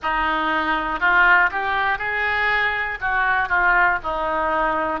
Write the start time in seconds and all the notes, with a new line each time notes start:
0.02 D#4
1.00 F4
1.50 G4
1.98 G#4
3.00 F#4
3.49 F4
4.03 D#4